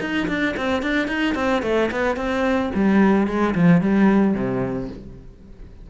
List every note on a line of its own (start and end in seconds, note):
0.00 0.27 D#4
0.28 0.55 D4
0.56 0.82 C4
0.82 1.07 D4
1.07 1.34 D#4
1.35 1.62 C4
1.62 1.89 A3
1.91 2.16 B3
2.16 2.70 C4
2.74 3.27 G3
3.27 3.54 G#3
3.55 3.81 F3
3.81 4.34 G3
4.34 4.88 C3